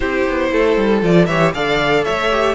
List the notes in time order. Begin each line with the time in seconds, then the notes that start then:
0.00 C4 E4 G4 C5
0.28 B3
0.52 A3 A4
0.76 G3
1.02 F3 F4 D5
1.26 E3 G4 C#5 E5
1.53 D3 A4 D5 F5
2.04 A3 C#5 E5
2.31 G4